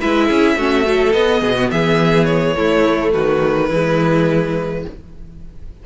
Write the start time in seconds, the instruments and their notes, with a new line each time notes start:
0.00 cello G#3, viola E4, violin B4 E5
0.26 cello C#4, violin G#4
0.56 cello A3, viola C#4, violin F#4
0.83 viola F#3, violin A4
1.13 cello B3, viola B3, violin D#5
1.41 cello B2, violin G#4
1.56 violin F#4
1.71 cello E3, violin G#4 E5
2.25 violin C#5
2.55 viola A3, cello A3, violin E4
3.13 cello D#3, violin F#4 B4
3.68 cello E3, viola G#3, violin E4